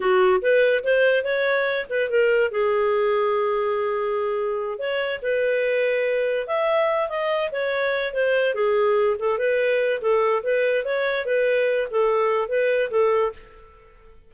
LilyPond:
\new Staff \with { instrumentName = "clarinet" } { \time 4/4 \tempo 4 = 144 fis'4 b'4 c''4 cis''4~ | cis''8 b'8 ais'4 gis'2~ | gis'2.~ gis'8 cis''8~ | cis''8 b'2. e''8~ |
e''4 dis''4 cis''4. c''8~ | c''8 gis'4. a'8 b'4. | a'4 b'4 cis''4 b'4~ | b'8 a'4. b'4 a'4 | }